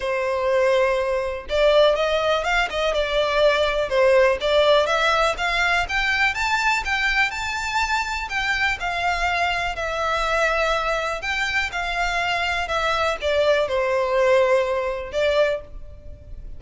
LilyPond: \new Staff \with { instrumentName = "violin" } { \time 4/4 \tempo 4 = 123 c''2. d''4 | dis''4 f''8 dis''8 d''2 | c''4 d''4 e''4 f''4 | g''4 a''4 g''4 a''4~ |
a''4 g''4 f''2 | e''2. g''4 | f''2 e''4 d''4 | c''2. d''4 | }